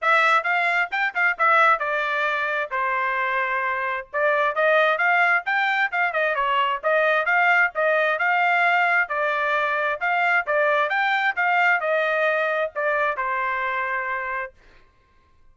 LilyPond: \new Staff \with { instrumentName = "trumpet" } { \time 4/4 \tempo 4 = 132 e''4 f''4 g''8 f''8 e''4 | d''2 c''2~ | c''4 d''4 dis''4 f''4 | g''4 f''8 dis''8 cis''4 dis''4 |
f''4 dis''4 f''2 | d''2 f''4 d''4 | g''4 f''4 dis''2 | d''4 c''2. | }